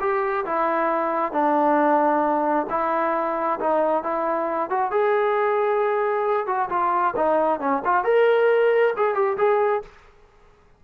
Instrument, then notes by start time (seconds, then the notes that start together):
trombone
0.00 G4
0.45 E4
1.32 D4
2.69 E4
3.59 D#4
4.03 E4
4.70 F#4
4.91 G#4
6.47 F#4
6.69 F4
7.16 D#4
7.60 C#4
7.85 F4
8.04 A#4
8.96 G#4
9.14 G4
9.37 G#4